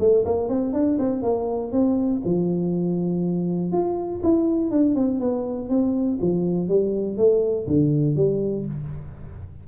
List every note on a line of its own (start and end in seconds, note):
0.00 0.25 A3
0.25 0.49 A#3
0.49 0.73 C4
0.73 0.98 D4
0.99 1.23 C4
1.23 1.72 A#3
1.72 2.22 C4
2.25 3.72 F3
3.72 4.22 F4
4.24 4.71 E4
4.71 4.95 D4
4.95 5.20 C4
5.20 5.70 B3
5.70 6.19 C4
6.21 6.69 F3
6.69 7.18 G3
7.18 7.67 A3
7.67 8.17 D3
8.17 8.66 G3